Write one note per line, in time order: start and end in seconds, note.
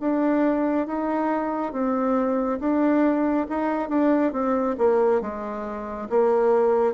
0.00 0.87 D4
0.87 1.73 D#4
1.73 2.60 C4
2.60 3.47 D4
3.49 3.89 D#4
3.89 4.33 D4
4.33 4.76 C4
4.78 5.22 A#3
5.22 6.09 G#3
6.10 6.94 A#3